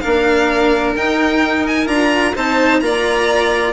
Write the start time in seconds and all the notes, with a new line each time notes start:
0.00 A#3 D4 A#4 F5
0.95 D#4 G5
1.67 G#5
1.86 D4 F4 A#5
2.34 C4 D#4 C5 A5
2.80 A#3 F4 D5 A#5